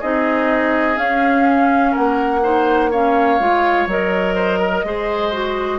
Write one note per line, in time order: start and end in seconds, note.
0.00 0.97 C4
0.00 0.96 D#4
0.00 1.91 G#4
0.00 0.97 D#5
0.96 2.41 C#4
0.96 1.94 C#4
0.96 1.94 F5
1.91 2.40 A#4
1.91 2.92 F#5
1.97 3.40 A#3
2.43 2.91 D#4
2.43 2.91 C5
2.91 3.40 C#4
2.91 4.35 C#5
2.91 3.89 F5
3.40 3.87 G#3
3.40 3.88 F4
3.87 4.83 F#3
3.87 4.85 A#4
3.87 5.79 D#5
4.35 4.59 C5
4.59 4.83 A#4
4.84 5.79 G#3
4.84 5.32 G#4
4.84 5.79 C5
5.32 5.79 F#4